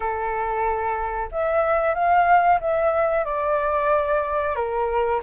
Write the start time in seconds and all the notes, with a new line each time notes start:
0.00 A4
1.31 E5
1.94 F5
2.60 E5
3.25 D5
4.55 A#4